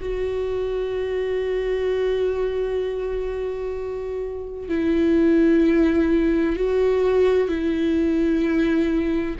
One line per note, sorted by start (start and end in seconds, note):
0.00 4.69 F#4
4.69 6.56 E4
6.56 7.48 F#4
7.48 9.36 E4